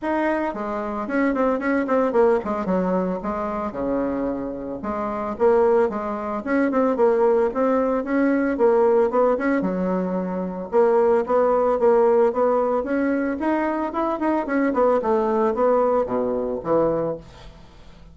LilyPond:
\new Staff \with { instrumentName = "bassoon" } { \time 4/4 \tempo 4 = 112 dis'4 gis4 cis'8 c'8 cis'8 c'8 | ais8 gis8 fis4 gis4 cis4~ | cis4 gis4 ais4 gis4 | cis'8 c'8 ais4 c'4 cis'4 |
ais4 b8 cis'8 fis2 | ais4 b4 ais4 b4 | cis'4 dis'4 e'8 dis'8 cis'8 b8 | a4 b4 b,4 e4 | }